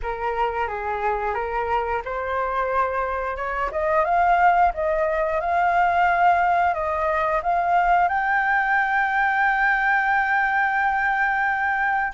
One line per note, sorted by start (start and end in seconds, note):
0.02 0.67 A#4
0.67 1.34 G#4
1.34 2.01 A#4
2.04 3.36 C5
3.36 3.70 C#5
3.71 4.04 D#5
4.04 4.72 F5
4.73 5.40 D#5
5.40 6.74 F5
6.74 7.41 D#5
7.42 8.08 F5
8.08 12.13 G5